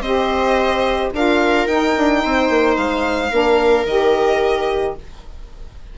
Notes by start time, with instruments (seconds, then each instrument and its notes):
0.00 bassoon C4, saxophone G4, viola C5, violin D#5
1.13 bassoon D4, saxophone F4, viola A#4, violin F5
1.66 bassoon D#4, saxophone D#4, violin G5
1.97 bassoon D4
2.23 bassoon C4, viola C5
2.49 bassoon A#3
2.76 bassoon G#3, violin F5
3.30 bassoon A#3, saxophone D4, viola A#4
3.85 bassoon D#3, saxophone G4, violin D#5